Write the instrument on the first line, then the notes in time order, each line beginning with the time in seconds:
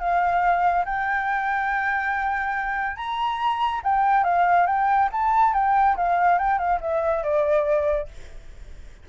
flute
0.00 F5
0.85 G5
2.97 A#5
3.84 G5
4.24 F5
4.67 G5
5.13 A5
5.54 G5
5.97 F5
6.39 G5
6.59 F5
6.81 E5
7.23 D5